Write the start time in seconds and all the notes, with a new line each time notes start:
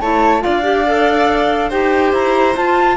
0.00 A3 E4 C#5 A5
0.40 F4 D5 F5
0.47 D4
0.63 G4
0.87 A4
1.69 D#4 G4 C5 G5
2.13 E4 A#5
2.56 F4 A5